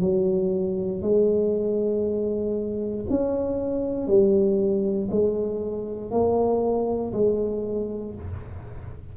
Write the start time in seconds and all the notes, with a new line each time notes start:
0.00 F#3
1.02 G#3
3.10 C#4
4.07 G3
5.11 G#3
6.11 A#3
7.13 G#3